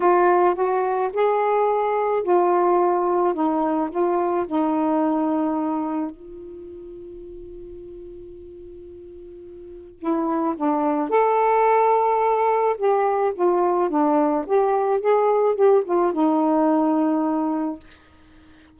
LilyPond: \new Staff \with { instrumentName = "saxophone" } { \time 4/4 \tempo 4 = 108 f'4 fis'4 gis'2 | f'2 dis'4 f'4 | dis'2. f'4~ | f'1~ |
f'2 e'4 d'4 | a'2. g'4 | f'4 d'4 g'4 gis'4 | g'8 f'8 dis'2. | }